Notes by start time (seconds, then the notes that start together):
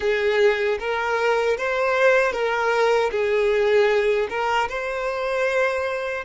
0.00 G#4
0.79 A#4
1.57 C5
2.32 A#4
3.11 G#4
4.29 A#4
4.68 C5